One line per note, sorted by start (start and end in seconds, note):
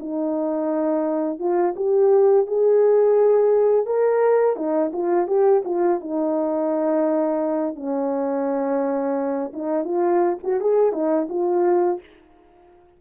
0.00 1.40 D#4
1.40 1.75 F4
1.76 2.47 G4
2.47 3.87 G#4
3.87 4.57 A#4
4.57 4.92 D#4
4.93 5.28 F4
5.28 5.63 G4
5.65 6.01 F4
6.01 7.76 D#4
7.76 9.53 C#4
9.54 9.85 D#4
9.85 10.38 F4
10.44 10.61 F#4
10.61 10.93 G#4
10.93 11.28 D#4
11.30 12.00 F4